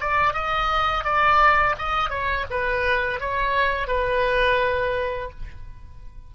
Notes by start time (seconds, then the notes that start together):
0.00 D5
0.33 D#5
1.04 D5
1.78 D#5
2.09 C#5
2.50 B4
3.20 C#5
3.87 B4